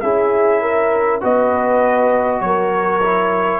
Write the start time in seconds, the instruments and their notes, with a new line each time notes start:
0.00 tuba C#4, trombone E4, horn G#4, trumpet E5
0.61 horn A#4
1.21 tuba B3, trombone F#4, horn B4, trumpet D#5
2.41 tuba F#3, horn A#4, trumpet C#5
3.02 trombone E4